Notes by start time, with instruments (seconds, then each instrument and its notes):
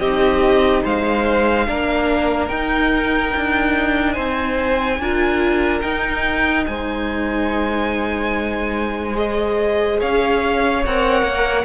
0.00 cello C4, viola D#4, violin G4 D#5
0.84 cello G#3, violin C5 F5
1.67 cello A#3, viola D4, violin A#4
2.49 cello D#4, viola D#4, violin G5
3.37 cello D4
4.13 cello C4, violin C5 G#5
4.99 cello D4, viola F4, violin A#4
5.82 viola D#4, cello D#4, violin G5
6.66 cello G#3, violin C5 G#5
9.14 viola G#4, violin D#5
10.00 cello C#4, violin C#5 F5
10.86 cello C4, viola A#4, violin F#5
11.23 cello A#3